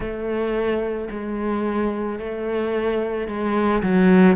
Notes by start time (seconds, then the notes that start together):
0.00 A3
1.10 G#3
2.19 A3
3.27 G#3
3.82 F#3